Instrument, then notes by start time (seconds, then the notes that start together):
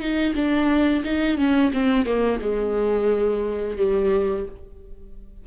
viola
0.00 D#4
0.35 D4
1.04 D#4
1.38 C#4
1.73 C4
2.06 A#3
2.41 G#3
3.77 G3